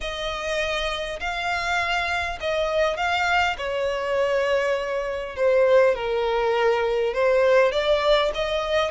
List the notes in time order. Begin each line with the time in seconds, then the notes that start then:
0.00 D#5
1.20 F5
2.40 D#5
2.96 F5
3.57 C#5
5.36 C5
5.95 A#4
7.13 C5
7.72 D5
8.34 D#5